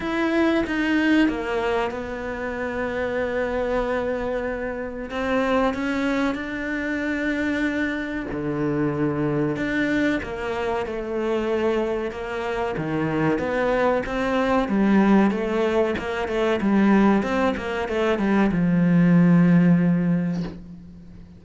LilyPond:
\new Staff \with { instrumentName = "cello" } { \time 4/4 \tempo 4 = 94 e'4 dis'4 ais4 b4~ | b1 | c'4 cis'4 d'2~ | d'4 d2 d'4 |
ais4 a2 ais4 | dis4 b4 c'4 g4 | a4 ais8 a8 g4 c'8 ais8 | a8 g8 f2. | }